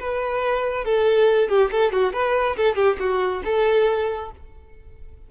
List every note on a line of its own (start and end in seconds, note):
0.00 0.85 B4
0.85 1.50 A4
1.50 1.71 G4
1.72 1.93 A4
1.93 2.13 F#4
2.13 2.57 B4
2.57 2.76 A4
2.76 2.97 G4
3.00 3.43 F#4
3.45 4.31 A4